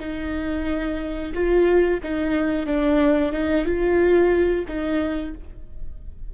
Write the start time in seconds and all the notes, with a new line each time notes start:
0.00 D#4
1.34 F4
2.03 D#4
2.66 D4
3.32 D#4
3.65 F4
4.68 D#4